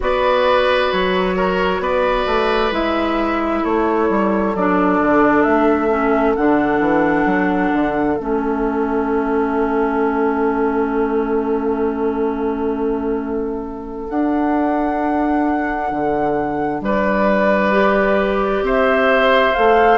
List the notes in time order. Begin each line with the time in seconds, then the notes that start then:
0.00 B3 F#4 B4 D5
0.92 F#3 C#5
1.35 A#4
1.79 B3 B4 D5
2.26 A3
2.71 G#3 E4 E5
3.62 A3 A4 C#5
4.09 G3
4.55 F#3 D4 D5
5.00 D3
5.42 A3 E5
5.89 C#4
6.35 D3 D4 F#5
6.79 E3
7.25 F#3
7.73 D3
8.17 A3 C#4 E5
14.09 D4 F#5
15.91 D3
16.80 G3 B4 D5
17.72 G4
18.61 C4 C5 E5
19.54 A3 A4 F5